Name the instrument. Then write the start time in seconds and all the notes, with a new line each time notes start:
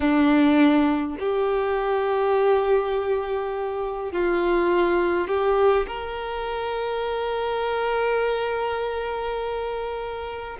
violin
0.00 D4
1.19 G4
4.12 F4
5.27 G4
5.87 A#4